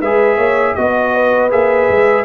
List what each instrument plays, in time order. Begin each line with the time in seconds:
0.00 tuba G#3, trombone G#4, horn B4, trumpet E5
0.36 tuba A#3, horn C#5
0.75 tuba B3, trombone F#4, trumpet D#5, horn D#5
1.15 horn B4
1.50 tuba A#3, trombone G#4, trumpet E5
1.90 tuba G#3